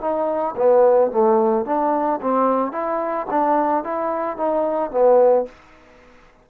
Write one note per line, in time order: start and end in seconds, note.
0.00 0.55 D#4
0.56 1.11 B3
1.11 1.65 A3
1.65 2.20 D4
2.21 2.71 C4
2.71 3.26 E4
3.30 3.84 D4
3.84 4.37 E4
4.37 4.90 D#4
4.90 5.45 B3